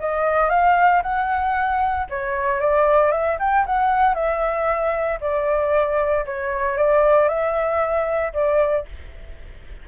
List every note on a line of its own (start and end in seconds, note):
0.00 0.50 D#5
0.50 1.02 F5
1.03 2.07 F#5
2.10 2.60 C#5
2.60 3.12 D5
3.12 3.38 E5
3.40 3.66 G5
3.66 4.15 F#5
4.15 5.19 E5
5.21 6.26 D5
6.26 6.78 C#5
6.78 7.29 D5
7.29 8.33 E5
8.34 8.86 D5